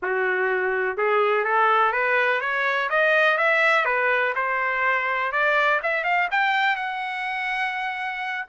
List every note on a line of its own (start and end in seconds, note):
0.02 0.97 F#4
0.97 1.44 G#4
1.44 1.92 A4
1.92 2.40 B4
2.40 2.89 C#5
2.89 3.37 D#5
3.37 3.85 E5
3.85 4.33 B4
4.35 5.31 C5
5.31 5.80 D5
5.82 6.04 E5
6.04 6.28 F5
6.31 6.76 G5
6.76 8.45 F#5